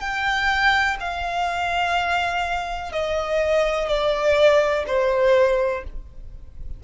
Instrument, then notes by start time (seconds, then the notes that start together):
violin
0.00 G5
1.00 F5
2.92 D#5
3.88 D5
4.87 C5